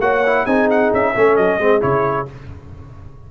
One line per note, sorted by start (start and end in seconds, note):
0.00 0.45 A#3
0.00 0.24 F#4
0.00 0.45 C#5
0.00 0.46 F#5
0.27 0.47 E4
0.45 0.92 C4
0.45 1.15 D#4
0.45 1.13 G#4
0.45 0.69 G#5
0.71 0.93 F#5
0.94 1.16 C#4
0.94 1.37 E5
1.16 1.38 A3
1.16 1.61 C#4
1.16 1.61 A4
1.37 1.59 F#3
1.37 1.82 D#5
1.59 1.81 G#3
1.59 1.81 C4
1.59 2.31 G#4
1.81 2.29 C#3
1.81 2.26 E4
1.81 2.27 C#5